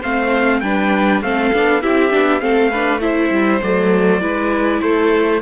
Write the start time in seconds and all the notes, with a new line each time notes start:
0.00 A3 C4 C5 F5
0.60 G3 D4 B4 G5
1.21 A3 C4 A4 F5
1.53 B3 D4
1.82 C4 E4 G4 E5
2.10 B3 D4
2.40 A3 C4 A4 F5
2.71 D4 B4
3.00 E4 C5 E5
3.30 G3
3.62 F#3 A3 D5
4.21 G#3 E4 B4
4.81 A3 A4 C5